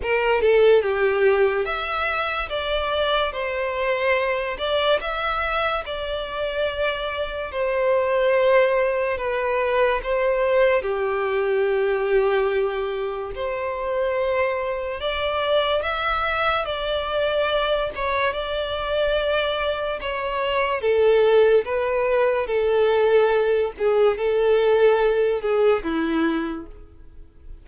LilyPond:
\new Staff \with { instrumentName = "violin" } { \time 4/4 \tempo 4 = 72 ais'8 a'8 g'4 e''4 d''4 | c''4. d''8 e''4 d''4~ | d''4 c''2 b'4 | c''4 g'2. |
c''2 d''4 e''4 | d''4. cis''8 d''2 | cis''4 a'4 b'4 a'4~ | a'8 gis'8 a'4. gis'8 e'4 | }